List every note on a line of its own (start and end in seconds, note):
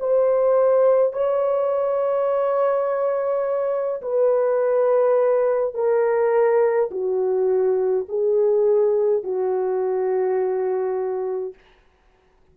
0.00 1.13 C5
1.13 4.02 C#5
4.02 5.74 B4
5.74 6.90 A#4
6.91 8.07 F#4
8.09 9.24 G#4
9.24 11.54 F#4